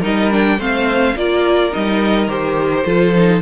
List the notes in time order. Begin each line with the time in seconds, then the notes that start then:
0.00 G3 D#4 A#4 D#5
0.31 D4 G5
0.58 A3 C4 C5 F5
1.16 A#3 F4 A#4 D5
1.71 G3 D#4 D#5
2.28 D#3 G4 C5
2.85 F3 F4 A4
3.15 D#4